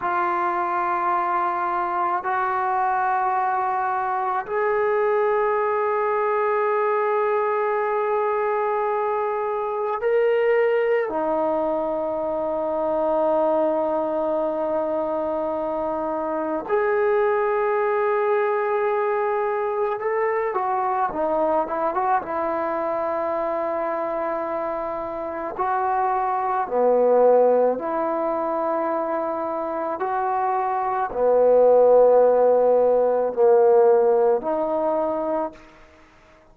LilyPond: \new Staff \with { instrumentName = "trombone" } { \time 4/4 \tempo 4 = 54 f'2 fis'2 | gis'1~ | gis'4 ais'4 dis'2~ | dis'2. gis'4~ |
gis'2 a'8 fis'8 dis'8 e'16 fis'16 | e'2. fis'4 | b4 e'2 fis'4 | b2 ais4 dis'4 | }